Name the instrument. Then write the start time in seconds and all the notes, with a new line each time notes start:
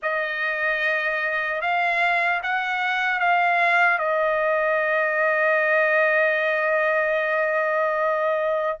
trumpet
0.02 D#5
1.61 F5
2.42 F#5
3.19 F5
3.98 D#5